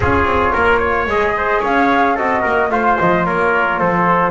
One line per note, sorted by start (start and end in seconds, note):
0.00 0.24 C#4
0.00 1.09 F4
0.00 0.52 G#4
0.00 1.08 C#5
0.24 0.51 C4
0.52 1.07 A#3
0.52 0.78 A#4
0.78 1.32 C#5
1.07 1.61 G#3
1.07 2.18 G#4
1.07 1.62 D#5
1.37 1.60 C5
1.60 2.17 C#4
1.60 2.14 C#5
1.60 2.17 F5
2.14 2.44 C4
2.14 2.70 F#4
2.14 2.41 A4
2.14 2.70 D#5
2.41 2.69 A#3
2.41 2.68 A#4
2.69 2.96 A3
2.69 4.30 F4
2.69 3.26 C5
2.69 2.97 F5
2.98 3.28 F3
2.98 3.25 D#5
3.25 3.80 A#3
3.25 3.79 A#4
3.25 3.79 C#5
3.79 4.30 F3
3.79 4.30 A4
3.79 4.30 C5